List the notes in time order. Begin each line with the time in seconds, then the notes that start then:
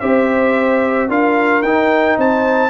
0.00 C4 G4 C5 E5
1.09 D4 F4 A#4 F5
1.63 D#4 G5
2.18 C4 C5 A5